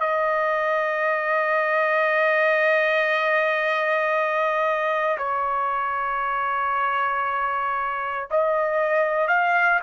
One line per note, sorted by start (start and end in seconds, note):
0.00 5.17 D#5
5.18 8.28 C#5
8.30 9.28 D#5
9.28 9.79 F5